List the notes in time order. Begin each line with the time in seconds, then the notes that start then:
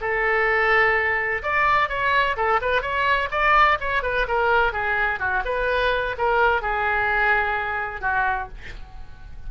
0.00 A4
1.42 D5
1.89 C#5
2.36 A4
2.61 B4
2.82 C#5
3.30 D5
3.80 C#5
4.02 B4
4.28 A#4
4.72 G#4
5.19 F#4
5.45 B4
6.18 A#4
6.62 G#4
8.01 F#4